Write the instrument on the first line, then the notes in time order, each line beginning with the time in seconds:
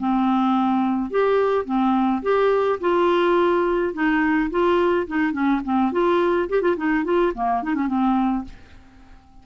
clarinet
0.00 C4
1.11 G4
1.66 C4
2.23 G4
2.81 F4
3.94 D#4
4.51 F4
5.08 D#4
5.33 C#4
5.65 C4
5.93 F4
6.50 G4
6.62 F4
6.77 D#4
7.05 F4
7.35 A#3
7.63 D#4
7.75 C#4
7.88 C4